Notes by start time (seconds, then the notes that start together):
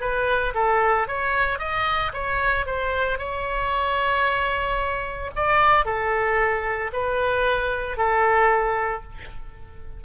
0.00 B4
0.54 A4
1.07 C#5
1.58 D#5
2.13 C#5
2.66 C5
3.18 C#5
5.35 D5
5.85 A4
6.92 B4
7.97 A4